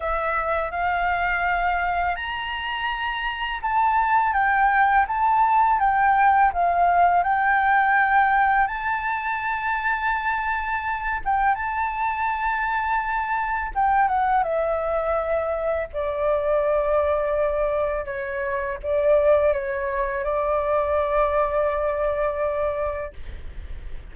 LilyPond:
\new Staff \with { instrumentName = "flute" } { \time 4/4 \tempo 4 = 83 e''4 f''2 ais''4~ | ais''4 a''4 g''4 a''4 | g''4 f''4 g''2 | a''2.~ a''8 g''8 |
a''2. g''8 fis''8 | e''2 d''2~ | d''4 cis''4 d''4 cis''4 | d''1 | }